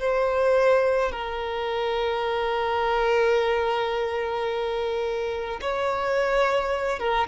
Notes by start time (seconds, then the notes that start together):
0.00 C5
1.12 A#4
5.62 C#5
6.99 A#4